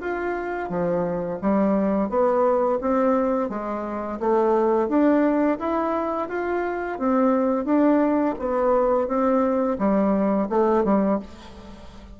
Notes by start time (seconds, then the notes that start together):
0.00 F4
0.69 F3
1.41 G3
2.09 B3
2.81 C4
3.49 G#3
4.20 A3
4.88 D4
5.59 E4
6.28 F4
6.98 C4
7.65 D4
8.38 B3
9.07 C4
9.78 G3
10.49 A3
10.84 G3